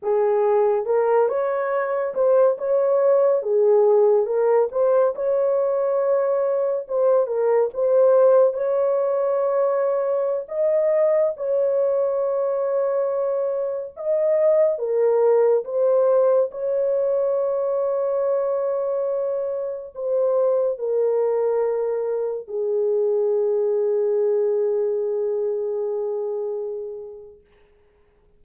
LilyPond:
\new Staff \with { instrumentName = "horn" } { \time 4/4 \tempo 4 = 70 gis'4 ais'8 cis''4 c''8 cis''4 | gis'4 ais'8 c''8 cis''2 | c''8 ais'8 c''4 cis''2~ | cis''16 dis''4 cis''2~ cis''8.~ |
cis''16 dis''4 ais'4 c''4 cis''8.~ | cis''2.~ cis''16 c''8.~ | c''16 ais'2 gis'4.~ gis'16~ | gis'1 | }